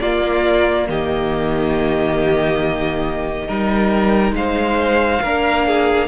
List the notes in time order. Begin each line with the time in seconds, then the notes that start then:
0.00 A#3 F4 D5
0.89 D#3 G4 D#5
3.48 G3 D#4 A#4
4.32 G#3 C5 F5
5.22 A#3 D4 A#4
5.67 G#4